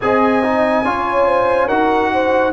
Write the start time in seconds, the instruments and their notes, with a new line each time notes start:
0.01 tuba C4, trombone G#4, horn D#5, trumpet G#5
0.43 trombone D#4
0.84 tuba C#4, trombone F4, horn C#5
1.26 horn C5
1.67 tuba D#4, trombone F#4, horn A#4, trumpet F#5
2.13 horn C5